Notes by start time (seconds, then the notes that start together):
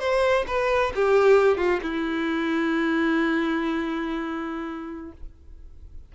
0.00 C5
0.48 B4
0.96 G4
1.58 F4
1.83 E4